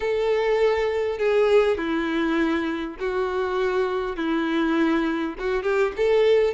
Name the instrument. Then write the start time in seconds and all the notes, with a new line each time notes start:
violin
0.00 A4
1.18 G#4
1.77 E4
2.99 F#4
4.16 E4
5.38 F#4
5.62 G4
5.96 A4